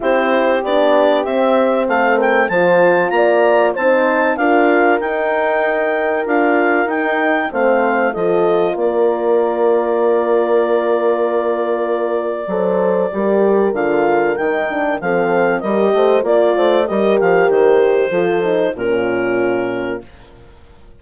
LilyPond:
<<
  \new Staff \with { instrumentName = "clarinet" } { \time 4/4 \tempo 4 = 96 c''4 d''4 e''4 f''8 g''8 | a''4 ais''4 a''4 f''4 | g''2 f''4 g''4 | f''4 dis''4 d''2~ |
d''1~ | d''2 f''4 g''4 | f''4 dis''4 d''4 dis''8 f''8 | c''2 ais'2 | }
  \new Staff \with { instrumentName = "horn" } { \time 4/4 g'2. a'8 ais'8 | c''4 d''4 c''4 ais'4~ | ais'1 | c''4 a'4 ais'2~ |
ais'1 | c''4 ais'2. | a'4 ais'8 c''8 d''8 c''8 ais'4~ | ais'4 a'4 f'2 | }
  \new Staff \with { instrumentName = "horn" } { \time 4/4 e'4 d'4 c'2 | f'2 dis'4 f'4 | dis'2 f'4 dis'4 | c'4 f'2.~ |
f'1 | a'4 g'4 f'4 dis'8 d'8 | c'4 g'4 f'4 g'4~ | g'4 f'8 dis'8 cis'2 | }
  \new Staff \with { instrumentName = "bassoon" } { \time 4/4 c'4 b4 c'4 a4 | f4 ais4 c'4 d'4 | dis'2 d'4 dis'4 | a4 f4 ais2~ |
ais1 | fis4 g4 d4 dis4 | f4 g8 a8 ais8 a8 g8 f8 | dis4 f4 ais,2 | }
>>